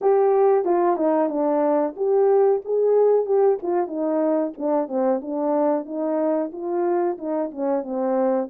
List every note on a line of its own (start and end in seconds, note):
0.01 0.65 G4
0.65 0.96 F4
0.96 1.29 D#4
1.29 1.94 D4
1.96 2.61 G4
2.64 3.25 G#4
3.25 3.58 G4
3.62 3.87 F4
3.87 4.52 D#4
4.57 4.88 D4
4.88 5.20 C4
5.21 5.85 D4
5.85 6.50 D#4
6.52 7.17 F4
7.18 7.50 D#4
7.51 7.83 C#4
7.83 8.48 C4